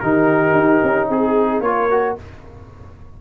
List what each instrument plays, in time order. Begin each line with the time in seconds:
0.00 tuba D#3, trombone D#4, horn G4, trumpet A#4
0.53 tuba D#4
0.83 tuba C#4
1.09 tuba C4, horn G#4, trumpet G#4
1.61 tuba A#3, trombone F4, trumpet C#5
1.67 horn A#4
1.91 trombone F#4